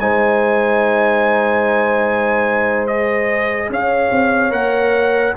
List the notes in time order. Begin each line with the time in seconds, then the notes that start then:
0.00 G#3 D#4 C5 G#5
2.87 G#4 D#5
3.70 C#4 C#5 F5
4.11 C4
4.51 A#3 A#4 F#5